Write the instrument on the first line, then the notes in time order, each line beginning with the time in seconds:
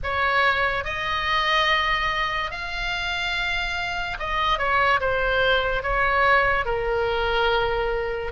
oboe
0.03 C#5
0.84 D#5
2.50 F5
4.19 D#5
4.58 C#5
5.00 C5
5.83 C#5
6.65 A#4